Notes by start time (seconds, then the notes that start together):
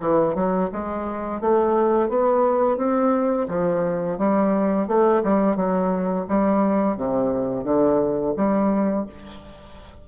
0.00 E3
0.35 F#3
0.73 G#3
1.41 A3
2.09 B3
2.77 C4
3.48 F3
4.18 G3
4.88 A3
5.24 G3
5.56 F#3
6.28 G3
6.97 C3
7.64 D3
8.36 G3